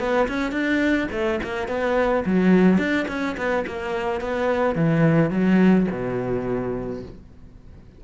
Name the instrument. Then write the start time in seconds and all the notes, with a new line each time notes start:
cello
0.00 B3
0.28 C#4
0.52 D4
1.12 A3
1.43 A#3
1.68 B3
2.26 F#3
2.78 D4
3.08 C#4
3.37 B3
3.67 A#3
4.21 B3
4.75 E3
5.31 F#3
5.91 B2